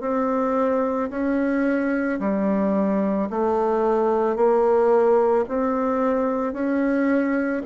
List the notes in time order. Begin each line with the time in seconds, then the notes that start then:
0.00 C4
1.10 C#4
2.19 G3
3.30 A3
4.35 A#3
5.48 C4
6.53 C#4